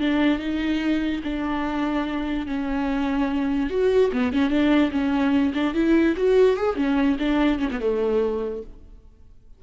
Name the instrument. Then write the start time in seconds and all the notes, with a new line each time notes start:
viola
0.00 D4
0.39 D#4
1.23 D4
2.46 C#4
3.70 F#4
4.12 B3
4.32 C#4
4.50 D4
4.91 C#4
5.54 D4
5.74 E4
6.16 F#4
6.57 G#4
6.76 C#4
7.19 D4
7.59 C#4
7.71 B3
7.80 A3